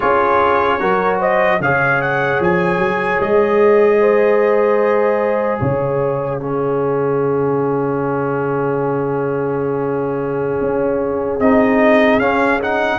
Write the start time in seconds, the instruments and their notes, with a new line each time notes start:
0.00 tuba C#4, trombone F4, horn G#4, trumpet C#5
0.79 tuba F#3, trombone F#4, horn A#4
1.19 horn C5, trumpet D#5
1.60 tuba C#3, trombone G#4, horn C#5, trumpet F5
2.01 trumpet F#5
2.40 tuba F3, trumpet G#5
2.78 tuba F#3
3.20 tuba G#3, trumpet D#5
4.00 horn C5
5.60 tuba C#3, horn C#5, trumpet F5
6.40 trombone C#4, horn G#4
10.61 tuba C#4
11.39 tuba C4, trombone D#4, trumpet D#5
12.18 tuba C#4, trombone C#4, trumpet F5
12.61 trombone D#4, trumpet F#5